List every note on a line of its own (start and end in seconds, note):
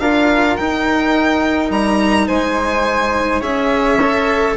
0.00 0.57 D4
0.00 0.60 F4
0.00 2.28 A#4
0.00 0.57 F5
0.57 1.70 D#4
0.57 3.42 D#4
0.57 1.71 G5
1.70 2.27 G3
1.70 2.28 A#5
2.28 3.42 G#3
2.28 3.40 C5
2.28 3.42 G#5
3.40 4.56 C#4
3.40 3.99 G#4
3.40 4.55 C#5
3.40 4.57 E5
4.02 4.57 A4